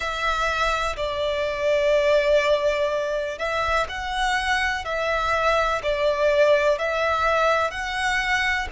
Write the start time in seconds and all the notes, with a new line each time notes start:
0.00 E5
0.96 D5
3.38 E5
3.88 F#5
4.84 E5
5.82 D5
6.78 E5
7.71 F#5